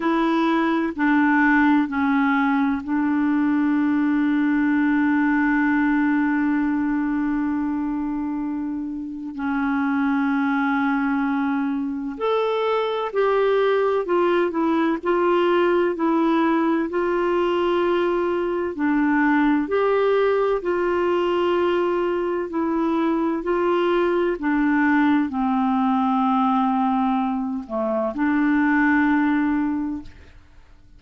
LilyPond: \new Staff \with { instrumentName = "clarinet" } { \time 4/4 \tempo 4 = 64 e'4 d'4 cis'4 d'4~ | d'1~ | d'2 cis'2~ | cis'4 a'4 g'4 f'8 e'8 |
f'4 e'4 f'2 | d'4 g'4 f'2 | e'4 f'4 d'4 c'4~ | c'4. a8 d'2 | }